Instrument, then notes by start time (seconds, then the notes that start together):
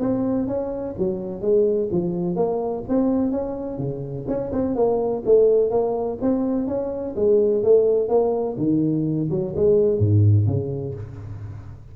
tuba
0.00 C4
0.48 C#4
0.98 F#3
1.42 G#3
1.92 F3
2.36 A#3
2.89 C4
3.31 C#4
3.79 C#3
4.28 C#4
4.52 C4
4.76 A#3
5.26 A3
5.71 A#3
6.21 C4
6.68 C#4
7.16 G#3
7.64 A3
8.09 A#3
8.58 D#3
9.31 F#3
9.56 G#3
9.99 G#2
10.47 C#3